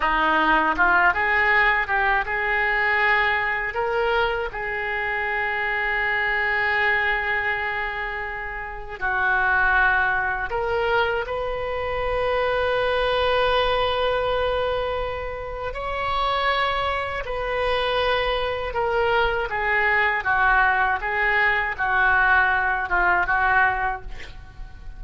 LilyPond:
\new Staff \with { instrumentName = "oboe" } { \time 4/4 \tempo 4 = 80 dis'4 f'8 gis'4 g'8 gis'4~ | gis'4 ais'4 gis'2~ | gis'1 | fis'2 ais'4 b'4~ |
b'1~ | b'4 cis''2 b'4~ | b'4 ais'4 gis'4 fis'4 | gis'4 fis'4. f'8 fis'4 | }